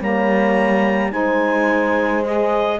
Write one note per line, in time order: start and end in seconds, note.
0.00 1.13 G3
0.00 1.12 A#3
0.00 1.13 C#5
0.00 1.12 A#5
1.12 2.80 G#3
1.12 2.24 D#4
1.12 2.80 C5
1.12 2.24 G#5
2.25 2.80 G#4
2.25 2.80 D#5